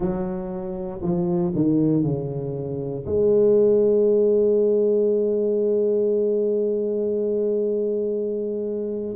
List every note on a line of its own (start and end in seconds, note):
0.00 1.00 F#3
1.02 1.53 F3
1.54 2.03 D#3
2.03 3.05 C#3
3.06 9.16 G#3